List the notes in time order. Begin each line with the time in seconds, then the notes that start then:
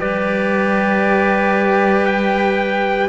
0.00 G3 G4 B4 D5
2.06 G5